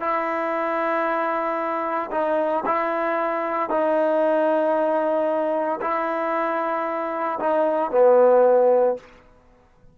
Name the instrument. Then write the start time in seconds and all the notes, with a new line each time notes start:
trombone
0.00 E4
2.11 D#4
2.66 E4
3.70 D#4
5.81 E4
7.40 D#4
7.91 B3